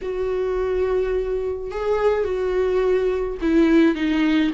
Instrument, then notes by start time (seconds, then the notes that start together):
viola
0.01 F#4
1.71 G#4
2.24 F#4
3.41 E4
3.95 D#4